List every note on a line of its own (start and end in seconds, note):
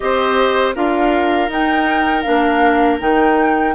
0.00 0.75 C4
0.00 0.75 G4
0.00 0.75 C5
0.00 0.73 D#5
0.75 1.48 D4
0.75 1.50 F4
0.75 3.74 A#4
0.75 1.51 F5
1.48 2.23 D#4
1.48 2.24 D#4
1.48 2.21 G5
2.21 3.01 A#3
2.21 2.99 D4
2.21 2.96 F5
2.99 3.74 D#3
2.99 3.74 D#4
2.99 3.74 G5